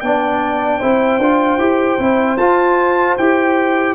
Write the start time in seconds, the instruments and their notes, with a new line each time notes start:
0.00 tuba B3, trombone D4, horn D5, trumpet G5
0.79 tuba C4, trombone E4, horn C5
1.18 tuba D4, trombone F4
1.58 tuba E4, trombone G4
1.98 tuba C4, trombone E4
2.36 tuba F4, trombone F4, trumpet A5
3.17 tuba E4, trombone G4, trumpet G5